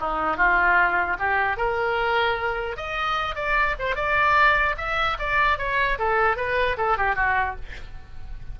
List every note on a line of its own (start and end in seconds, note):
0.00 0.37 D#4
0.37 1.17 F4
1.19 1.57 G4
1.57 2.77 A#4
2.77 3.36 D#5
3.36 3.76 D5
3.79 3.96 C5
3.96 4.76 D5
4.77 5.17 E5
5.19 5.58 D5
5.58 5.98 C#5
5.99 6.37 A4
6.37 6.77 B4
6.78 6.98 A4
6.98 7.15 G4
7.15 7.55 F#4